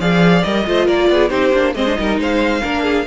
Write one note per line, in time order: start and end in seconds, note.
0.00 0.44 F3
0.00 0.44 G#4
0.00 0.66 D5
0.00 0.44 F5
0.44 0.67 G3
0.44 0.66 A#4
0.44 0.88 D#5
0.66 0.89 A3
0.66 1.30 F4
0.66 0.86 C5
0.86 1.10 A#3
0.86 1.08 A#4
0.86 1.30 D5
1.10 1.31 B3
1.10 1.31 G#4
1.30 1.53 C4
1.30 1.52 D#4
1.30 1.74 G4
1.30 1.74 C5
1.54 1.75 A#3
1.54 1.76 D4
1.75 1.97 G#3
1.75 1.86 C4
1.75 1.99 C5
1.75 2.19 D#5
1.86 1.96 D4
1.96 2.19 G3
1.96 2.62 D#4
1.96 2.21 A#4
2.19 2.62 G#3
2.19 2.63 C5
2.19 3.07 F5
2.63 3.07 A#3
2.63 3.07 D4
2.63 2.84 A#4
2.84 3.06 G#4